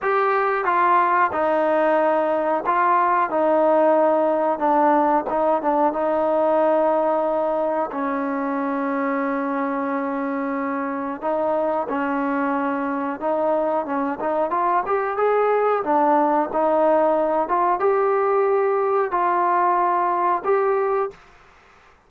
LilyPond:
\new Staff \with { instrumentName = "trombone" } { \time 4/4 \tempo 4 = 91 g'4 f'4 dis'2 | f'4 dis'2 d'4 | dis'8 d'8 dis'2. | cis'1~ |
cis'4 dis'4 cis'2 | dis'4 cis'8 dis'8 f'8 g'8 gis'4 | d'4 dis'4. f'8 g'4~ | g'4 f'2 g'4 | }